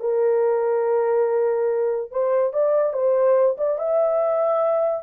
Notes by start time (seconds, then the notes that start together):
0.00 A#4
2.11 C5
2.53 D5
2.93 C5
3.58 D5
3.78 E5